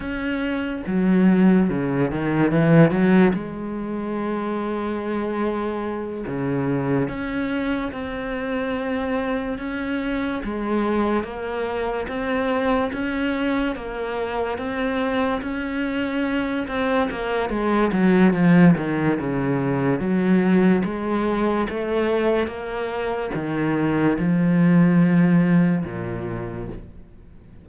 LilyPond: \new Staff \with { instrumentName = "cello" } { \time 4/4 \tempo 4 = 72 cis'4 fis4 cis8 dis8 e8 fis8 | gis2.~ gis8 cis8~ | cis8 cis'4 c'2 cis'8~ | cis'8 gis4 ais4 c'4 cis'8~ |
cis'8 ais4 c'4 cis'4. | c'8 ais8 gis8 fis8 f8 dis8 cis4 | fis4 gis4 a4 ais4 | dis4 f2 ais,4 | }